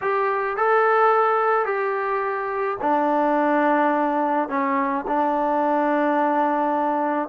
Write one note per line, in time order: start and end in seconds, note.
0.01 0.56 G4
0.56 1.65 A4
1.65 2.77 G4
2.81 4.48 D4
4.48 5.04 C#4
5.07 7.28 D4